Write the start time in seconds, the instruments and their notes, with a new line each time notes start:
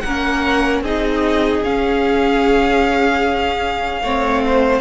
0.00 cello A#3, violin A#4 F#5
0.07 viola C#4
0.81 cello C4, viola D#4, violin G#4 D#5
1.63 viola C#4, cello C#4, violin F5
4.01 cello A3, viola C4, violin C#5
4.46 violin C5